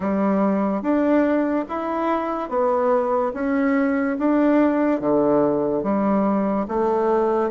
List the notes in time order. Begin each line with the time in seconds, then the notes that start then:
0.00 G3
0.81 D4
1.69 E4
2.48 B3
3.33 C#4
4.19 D4
5.00 D3
5.83 G3
6.67 A3